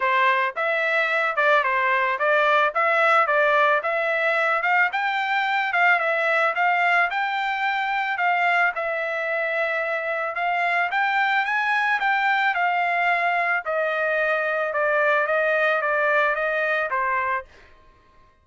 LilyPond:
\new Staff \with { instrumentName = "trumpet" } { \time 4/4 \tempo 4 = 110 c''4 e''4. d''8 c''4 | d''4 e''4 d''4 e''4~ | e''8 f''8 g''4. f''8 e''4 | f''4 g''2 f''4 |
e''2. f''4 | g''4 gis''4 g''4 f''4~ | f''4 dis''2 d''4 | dis''4 d''4 dis''4 c''4 | }